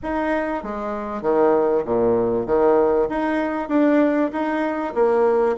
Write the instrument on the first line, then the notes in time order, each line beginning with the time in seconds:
bassoon
0.02 D#4
0.63 G#3
1.22 D#3
1.85 A#2
2.46 D#3
3.09 D#4
3.69 D4
4.32 D#4
4.94 A#3